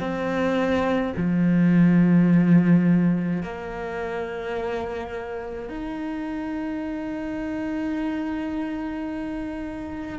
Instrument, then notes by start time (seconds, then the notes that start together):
cello
0.00 C4
1.17 F3
3.43 A#3
5.69 D#4